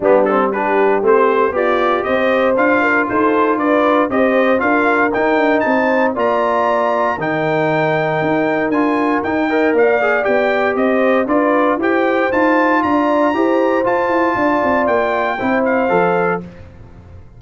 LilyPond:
<<
  \new Staff \with { instrumentName = "trumpet" } { \time 4/4 \tempo 4 = 117 g'8 a'8 b'4 c''4 d''4 | dis''4 f''4 c''4 d''4 | dis''4 f''4 g''4 a''4 | ais''2 g''2~ |
g''4 gis''4 g''4 f''4 | g''4 dis''4 d''4 g''4 | a''4 ais''2 a''4~ | a''4 g''4. f''4. | }
  \new Staff \with { instrumentName = "horn" } { \time 4/4 d'4 g'2 f'4 | c''4. ais'8 a'4 b'4 | c''4 ais'2 c''4 | d''2 ais'2~ |
ais'2~ ais'8 dis''8 d''4~ | d''4 c''4 b'4 c''4~ | c''4 d''4 c''2 | d''2 c''2 | }
  \new Staff \with { instrumentName = "trombone" } { \time 4/4 b8 c'8 d'4 c'4 g'4~ | g'4 f'2. | g'4 f'4 dis'2 | f'2 dis'2~ |
dis'4 f'4 dis'8 ais'4 gis'8 | g'2 f'4 g'4 | f'2 g'4 f'4~ | f'2 e'4 a'4 | }
  \new Staff \with { instrumentName = "tuba" } { \time 4/4 g2 a4 b4 | c'4 d'4 dis'4 d'4 | c'4 d'4 dis'8 d'8 c'4 | ais2 dis2 |
dis'4 d'4 dis'4 ais4 | b4 c'4 d'4 e'4 | dis'4 d'4 e'4 f'8 e'8 | d'8 c'8 ais4 c'4 f4 | }
>>